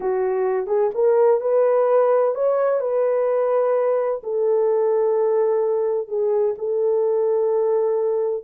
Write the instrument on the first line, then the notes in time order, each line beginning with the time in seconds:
horn
0.00 F#4
0.66 G#4
0.94 A#4
1.41 B4
2.34 C#5
2.80 B4
4.23 A4
6.07 G#4
6.58 A4